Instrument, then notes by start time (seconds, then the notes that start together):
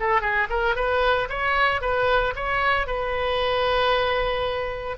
oboe
0.00 A4
0.22 G#4
0.50 A#4
0.76 B4
1.30 C#5
1.82 B4
2.36 C#5
2.87 B4